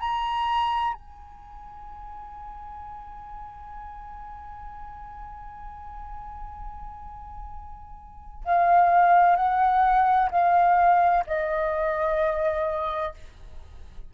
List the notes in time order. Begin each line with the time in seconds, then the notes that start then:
0.00 A#5
0.94 G#5
8.45 F5
9.36 F#5
10.31 F5
11.27 D#5